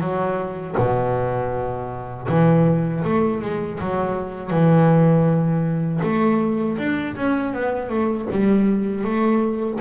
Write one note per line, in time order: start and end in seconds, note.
0.00 0.75 F#3
0.77 2.27 B2
2.28 3.03 E3
3.04 3.41 A3
3.41 3.79 G#3
3.80 4.50 F#3
4.50 6.00 E3
6.02 6.77 A3
6.78 7.15 D4
7.16 7.53 C#4
7.53 7.89 B3
7.89 8.27 A3
8.31 9.04 G3
9.04 9.79 A3